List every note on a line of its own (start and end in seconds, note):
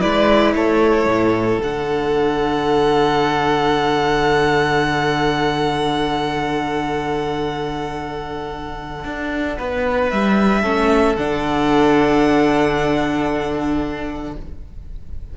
0.00 0.54 G#3
0.00 1.59 E4
0.00 0.54 B4
0.00 0.53 D5
0.54 1.06 A3
0.54 9.58 A4
0.54 1.61 C#5
1.06 1.59 A2
1.59 9.04 D3
1.59 10.62 D4
1.59 10.10 F#5
9.04 9.57 D4
9.58 10.11 B3
9.58 10.61 B4
10.10 10.63 G3
10.10 11.15 E5
10.61 11.16 A3
10.61 11.16 C#4
10.61 14.32 A4
11.15 14.36 D3
11.15 14.37 D4
11.15 14.34 F#5